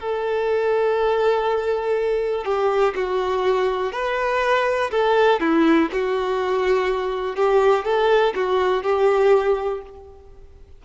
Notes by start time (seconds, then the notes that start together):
0.00 A4
2.45 G4
2.95 F#4
3.93 B4
4.91 A4
5.41 E4
5.92 F#4
7.36 G4
7.85 A4
8.36 F#4
8.83 G4